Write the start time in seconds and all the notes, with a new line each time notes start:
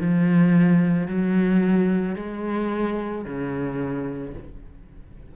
0.00 F3
1.07 F#3
2.15 G#3
3.24 C#3